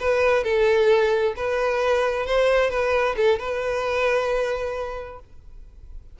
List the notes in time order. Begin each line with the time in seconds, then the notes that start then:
0.00 B4
0.44 A4
1.36 B4
2.26 C5
2.70 B4
3.17 A4
3.39 B4